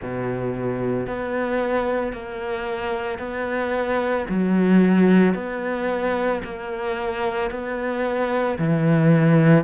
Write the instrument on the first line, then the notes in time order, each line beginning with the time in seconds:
cello
0.01 B2
1.06 B3
2.12 A#3
3.19 B3
4.29 F#3
5.34 B3
6.43 A#3
7.50 B3
8.58 E3